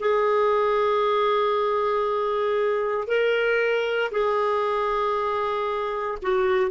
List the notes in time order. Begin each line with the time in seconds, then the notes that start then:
0.00 G#4
3.08 A#4
4.11 G#4
6.23 F#4